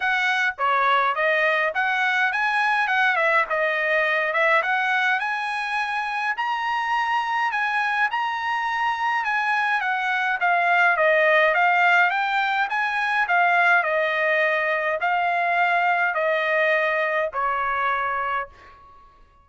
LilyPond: \new Staff \with { instrumentName = "trumpet" } { \time 4/4 \tempo 4 = 104 fis''4 cis''4 dis''4 fis''4 | gis''4 fis''8 e''8 dis''4. e''8 | fis''4 gis''2 ais''4~ | ais''4 gis''4 ais''2 |
gis''4 fis''4 f''4 dis''4 | f''4 g''4 gis''4 f''4 | dis''2 f''2 | dis''2 cis''2 | }